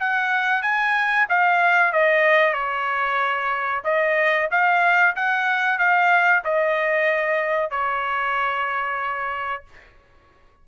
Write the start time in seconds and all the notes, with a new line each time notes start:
0.00 F#5
0.62 G#5
1.29 F5
1.93 D#5
2.54 C#5
3.84 D#5
4.51 F5
5.16 F#5
5.79 F5
6.44 D#5
7.71 C#5